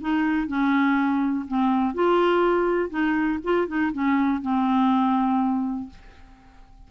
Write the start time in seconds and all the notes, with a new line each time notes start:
0.00 D#4
0.47 C#4
1.48 C4
1.94 F4
2.89 D#4
3.44 F4
3.67 D#4
3.92 C#4
4.42 C4